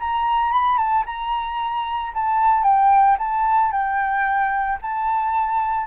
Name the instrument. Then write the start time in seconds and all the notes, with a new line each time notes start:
flute
0.00 A#5
0.52 B5
0.78 A5
1.06 A#5
2.14 A5
2.64 G5
3.18 A5
3.72 G5
4.82 A5